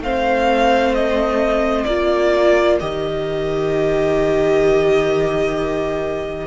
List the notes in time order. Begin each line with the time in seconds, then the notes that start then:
0.00 A3 C4 C5 F5
0.95 D#5
1.84 A#3 F4 A#4 D5
2.80 D#3 G4 D#5